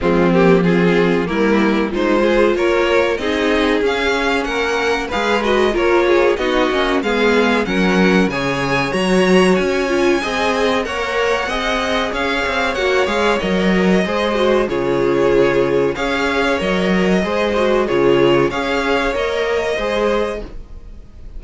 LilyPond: <<
  \new Staff \with { instrumentName = "violin" } { \time 4/4 \tempo 4 = 94 f'8 g'8 gis'4 ais'4 c''4 | cis''4 dis''4 f''4 fis''4 | f''8 dis''8 cis''4 dis''4 f''4 | fis''4 gis''4 ais''4 gis''4~ |
gis''4 fis''2 f''4 | fis''8 f''8 dis''2 cis''4~ | cis''4 f''4 dis''2 | cis''4 f''4 dis''2 | }
  \new Staff \with { instrumentName = "violin" } { \time 4/4 c'4 f'4 e'4 dis'8 gis'8 | ais'4 gis'2 ais'4 | b'4 ais'8 gis'8 fis'4 gis'4 | ais'4 cis''2. |
dis''4 cis''4 dis''4 cis''4~ | cis''2 c''4 gis'4~ | gis'4 cis''2 c''4 | gis'4 cis''2 c''4 | }
  \new Staff \with { instrumentName = "viola" } { \time 4/4 gis8 ais8 c'4 ais4 f'4~ | f'4 dis'4 cis'2 | gis'8 fis'8 f'4 dis'8 cis'8 b4 | cis'4 gis'4 fis'4. f'8 |
gis'4 ais'4 gis'2 | fis'8 gis'8 ais'4 gis'8 fis'8 f'4~ | f'4 gis'4 ais'4 gis'8 fis'8 | f'4 gis'4 ais'4 gis'4 | }
  \new Staff \with { instrumentName = "cello" } { \time 4/4 f2 g4 gis4 | ais4 c'4 cis'4 ais4 | gis4 ais4 b8 ais8 gis4 | fis4 cis4 fis4 cis'4 |
c'4 ais4 c'4 cis'8 c'8 | ais8 gis8 fis4 gis4 cis4~ | cis4 cis'4 fis4 gis4 | cis4 cis'4 ais4 gis4 | }
>>